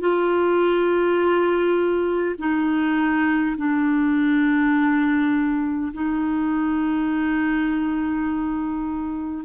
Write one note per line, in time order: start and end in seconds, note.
0.00 2.35 F4
2.39 3.56 D#4
3.57 5.93 D4
5.94 9.45 D#4